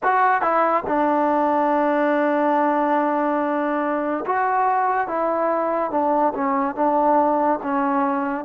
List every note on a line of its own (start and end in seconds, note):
0.03 0.41 F#4
0.41 0.83 E4
0.86 4.24 D4
4.26 5.07 F#4
5.07 5.90 E4
5.90 6.33 D4
6.34 6.75 C#4
6.75 7.59 D4
7.62 8.44 C#4